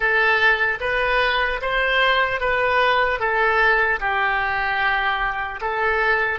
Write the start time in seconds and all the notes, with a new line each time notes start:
0.00 A4
0.80 B4
1.61 C5
2.40 B4
3.19 A4
4.00 G4
5.61 A4